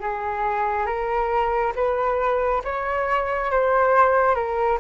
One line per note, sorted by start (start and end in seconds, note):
0.00 0.86 G#4
0.86 1.73 A#4
1.75 2.62 B4
2.64 3.51 C#5
3.51 4.35 C5
4.35 4.78 A#4